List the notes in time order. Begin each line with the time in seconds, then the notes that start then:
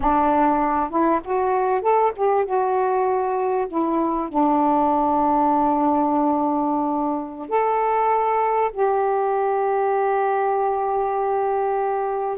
0.00 D4
0.89 E4
1.24 F#4
1.81 A4
2.16 G4
2.45 F#4
3.68 E4
4.29 D4
7.48 A4
8.72 G4